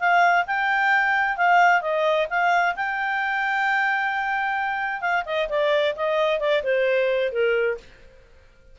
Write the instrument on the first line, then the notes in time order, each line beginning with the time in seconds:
clarinet
0.00 F5
0.47 G5
1.37 F5
1.82 D#5
2.30 F5
2.76 G5
5.02 F5
5.26 D#5
5.50 D5
5.96 D#5
6.40 D5
6.64 C5
7.33 A#4